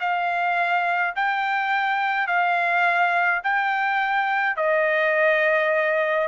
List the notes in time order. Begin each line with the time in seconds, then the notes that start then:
0.00 F5
1.16 G5
2.27 F5
3.44 G5
4.57 D#5